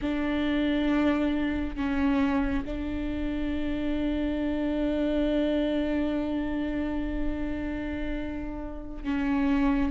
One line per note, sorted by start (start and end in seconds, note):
0.01 1.76 D4
1.76 2.64 C#4
2.65 9.04 D4
9.04 9.91 C#4